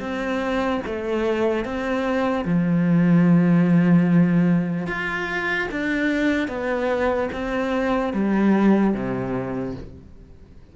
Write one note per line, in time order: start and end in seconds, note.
0.00 0.81 C4
0.86 1.65 A3
1.65 2.45 C4
2.45 4.87 F3
4.87 5.68 F4
5.72 6.48 D4
6.48 7.29 B3
7.33 8.13 C4
8.13 8.94 G3
8.94 9.75 C3